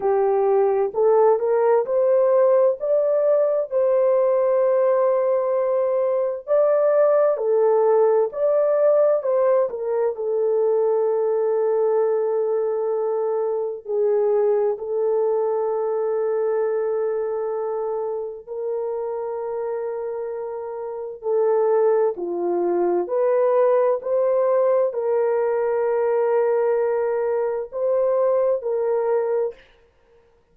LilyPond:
\new Staff \with { instrumentName = "horn" } { \time 4/4 \tempo 4 = 65 g'4 a'8 ais'8 c''4 d''4 | c''2. d''4 | a'4 d''4 c''8 ais'8 a'4~ | a'2. gis'4 |
a'1 | ais'2. a'4 | f'4 b'4 c''4 ais'4~ | ais'2 c''4 ais'4 | }